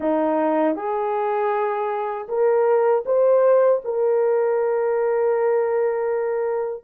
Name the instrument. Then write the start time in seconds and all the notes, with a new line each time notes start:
horn
0.00 D#4
0.75 G#4
2.28 A#4
3.05 C5
3.84 A#4